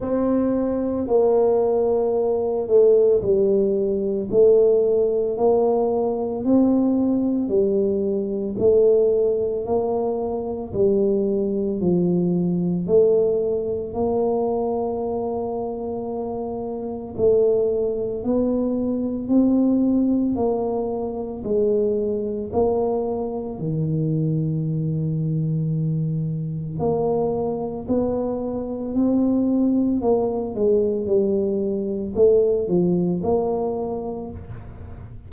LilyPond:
\new Staff \with { instrumentName = "tuba" } { \time 4/4 \tempo 4 = 56 c'4 ais4. a8 g4 | a4 ais4 c'4 g4 | a4 ais4 g4 f4 | a4 ais2. |
a4 b4 c'4 ais4 | gis4 ais4 dis2~ | dis4 ais4 b4 c'4 | ais8 gis8 g4 a8 f8 ais4 | }